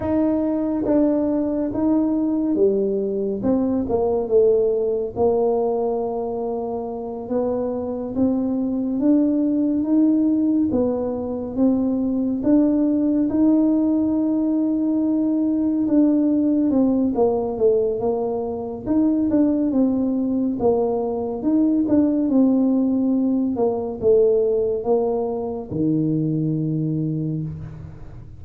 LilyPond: \new Staff \with { instrumentName = "tuba" } { \time 4/4 \tempo 4 = 70 dis'4 d'4 dis'4 g4 | c'8 ais8 a4 ais2~ | ais8 b4 c'4 d'4 dis'8~ | dis'8 b4 c'4 d'4 dis'8~ |
dis'2~ dis'8 d'4 c'8 | ais8 a8 ais4 dis'8 d'8 c'4 | ais4 dis'8 d'8 c'4. ais8 | a4 ais4 dis2 | }